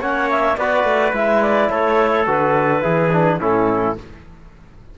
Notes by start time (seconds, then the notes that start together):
0.00 A#3 C#4 C#5 F#5
0.31 E5
0.57 B3 F#4 B4 D5
0.84 A3
1.13 G#3 E4 E5
1.42 D5
1.70 A3 A4 C#5
2.27 D3 F#4 B4
2.81 E3 E4 G#4
3.12 D4
3.40 A2 C#4 E4 A4